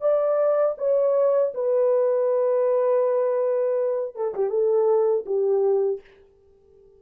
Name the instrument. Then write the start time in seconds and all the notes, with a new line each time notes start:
horn
0.00 D5
0.77 C#5
1.54 B4
4.15 A4
4.34 G4
4.50 A4
5.25 G4